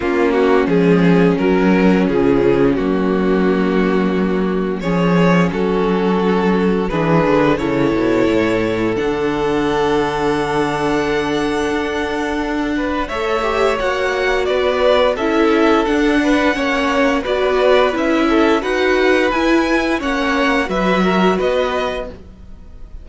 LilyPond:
<<
  \new Staff \with { instrumentName = "violin" } { \time 4/4 \tempo 4 = 87 f'8 fis'8 gis'4 ais'4 gis'4 | fis'2. cis''4 | a'2 b'4 cis''4~ | cis''4 fis''2.~ |
fis''2. e''4 | fis''4 d''4 e''4 fis''4~ | fis''4 d''4 e''4 fis''4 | gis''4 fis''4 e''4 dis''4 | }
  \new Staff \with { instrumentName = "violin" } { \time 4/4 cis'1~ | cis'2. gis'4 | fis'2 gis'4 a'4~ | a'1~ |
a'2~ a'8 b'8 cis''4~ | cis''4 b'4 a'4. b'8 | cis''4 b'4. a'8 b'4~ | b'4 cis''4 b'8 ais'8 b'4 | }
  \new Staff \with { instrumentName = "viola" } { \time 4/4 ais4 gis4 fis4 f4 | ais2. cis'4~ | cis'2 d'4 e'4~ | e'4 d'2.~ |
d'2. a'8 g'8 | fis'2 e'4 d'4 | cis'4 fis'4 e'4 fis'4 | e'4 cis'4 fis'2 | }
  \new Staff \with { instrumentName = "cello" } { \time 4/4 ais4 f4 fis4 cis4 | fis2. f4 | fis2 e8 d8 cis8 b,8 | a,4 d2.~ |
d4 d'2 a4 | ais4 b4 cis'4 d'4 | ais4 b4 cis'4 dis'4 | e'4 ais4 fis4 b4 | }
>>